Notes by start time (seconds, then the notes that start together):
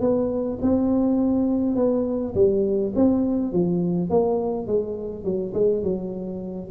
0.00 B3
0.62 C4
1.76 B3
2.34 G3
2.95 C4
3.52 F3
4.10 A#3
4.67 G#3
5.24 F#3
5.53 G#3
5.83 F#3